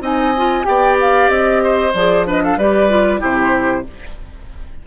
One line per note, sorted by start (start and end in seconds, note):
0.00 0.64 C4
0.00 0.33 D#4
0.00 0.65 D#5
0.00 0.64 G#5
0.37 0.63 F4
0.63 1.29 B3
0.63 1.91 G4
0.63 1.63 D5
0.63 0.96 G5
1.00 1.28 F5
1.28 1.92 C4
1.28 1.92 D#5
1.63 2.26 C5
1.93 2.56 F3
1.93 2.26 G#4
1.93 2.25 D5
2.26 2.58 D4
2.26 2.42 B4
2.26 2.44 D#5
2.44 2.57 A4
2.44 2.58 F5
2.56 3.20 G3
2.56 2.89 G4
2.56 3.20 B4
2.56 3.22 D5
2.89 3.19 F4
3.19 3.86 C3
3.19 3.83 E4
3.19 3.84 G4
3.19 3.86 C5